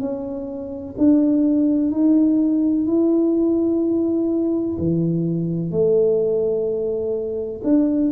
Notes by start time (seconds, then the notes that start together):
0.00 C#4
0.98 D4
1.91 D#4
2.87 E4
4.79 E3
5.71 A3
7.64 D4